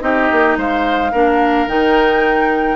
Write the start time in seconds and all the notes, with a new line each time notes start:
0.00 C4 D#4 G4 D#5
0.32 A#3
0.57 G#3 C5 F5
1.12 A#3 D4 A#4
1.67 D#3 D#4 G5